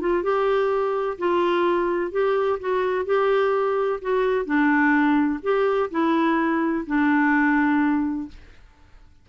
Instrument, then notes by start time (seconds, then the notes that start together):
clarinet
0.00 F4
0.23 G4
1.18 F4
2.11 G4
2.59 F#4
3.05 G4
4.01 F#4
4.45 D4
5.42 G4
5.90 E4
6.86 D4